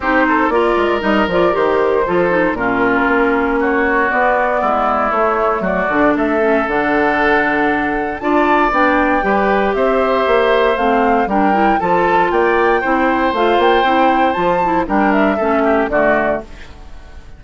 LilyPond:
<<
  \new Staff \with { instrumentName = "flute" } { \time 4/4 \tempo 4 = 117 c''4 d''4 dis''8 d''8 c''4~ | c''4 ais'2 cis''4 | d''2 cis''4 d''4 | e''4 fis''2. |
a''4 g''2 e''4~ | e''4 f''4 g''4 a''4 | g''2 f''8 g''4. | a''4 g''8 e''4. d''4 | }
  \new Staff \with { instrumentName = "oboe" } { \time 4/4 g'8 a'8 ais'2. | a'4 f'2 fis'4~ | fis'4 e'2 fis'4 | a'1 |
d''2 b'4 c''4~ | c''2 ais'4 a'4 | d''4 c''2.~ | c''4 ais'4 a'8 g'8 fis'4 | }
  \new Staff \with { instrumentName = "clarinet" } { \time 4/4 dis'4 f'4 dis'8 f'8 g'4 | f'8 dis'8 cis'2. | b2 a4. d'8~ | d'8 cis'8 d'2. |
f'4 d'4 g'2~ | g'4 c'4 d'8 e'8 f'4~ | f'4 e'4 f'4 e'4 | f'8 e'8 d'4 cis'4 a4 | }
  \new Staff \with { instrumentName = "bassoon" } { \time 4/4 c'4 ais8 gis8 g8 f8 dis4 | f4 ais,4 ais2 | b4 gis4 a4 fis8 d8 | a4 d2. |
d'4 b4 g4 c'4 | ais4 a4 g4 f4 | ais4 c'4 a8 ais8 c'4 | f4 g4 a4 d4 | }
>>